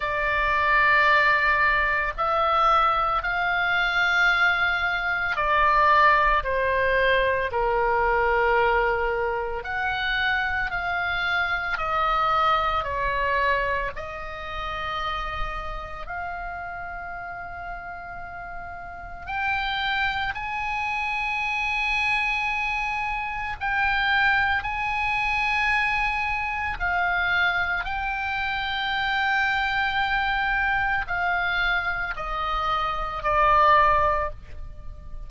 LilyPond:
\new Staff \with { instrumentName = "oboe" } { \time 4/4 \tempo 4 = 56 d''2 e''4 f''4~ | f''4 d''4 c''4 ais'4~ | ais'4 fis''4 f''4 dis''4 | cis''4 dis''2 f''4~ |
f''2 g''4 gis''4~ | gis''2 g''4 gis''4~ | gis''4 f''4 g''2~ | g''4 f''4 dis''4 d''4 | }